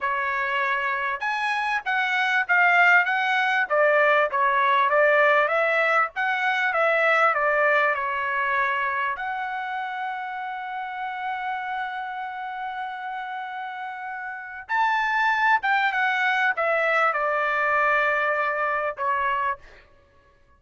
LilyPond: \new Staff \with { instrumentName = "trumpet" } { \time 4/4 \tempo 4 = 98 cis''2 gis''4 fis''4 | f''4 fis''4 d''4 cis''4 | d''4 e''4 fis''4 e''4 | d''4 cis''2 fis''4~ |
fis''1~ | fis''1 | a''4. g''8 fis''4 e''4 | d''2. cis''4 | }